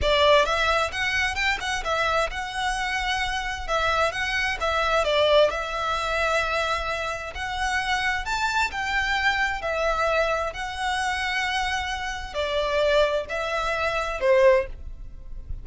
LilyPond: \new Staff \with { instrumentName = "violin" } { \time 4/4 \tempo 4 = 131 d''4 e''4 fis''4 g''8 fis''8 | e''4 fis''2. | e''4 fis''4 e''4 d''4 | e''1 |
fis''2 a''4 g''4~ | g''4 e''2 fis''4~ | fis''2. d''4~ | d''4 e''2 c''4 | }